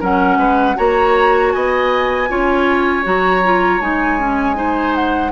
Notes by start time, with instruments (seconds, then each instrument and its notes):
0.00 bassoon F#3, clarinet C#4, oboe A#4, flute F#5
0.37 bassoon G#3, oboe B4
0.76 bassoon A#3, clarinet F#4, oboe C#5, flute A#5
1.52 bassoon B3, oboe D#5, flute G#5
2.29 bassoon C#4, clarinet F4, oboe C#5
3.03 bassoon F#3, clarinet F#4, flute A#5
3.44 clarinet F4
3.80 bassoon G#3, clarinet D#4, flute G#5
4.19 clarinet C#4
4.55 clarinet D#4, oboe C5
4.95 flute F#5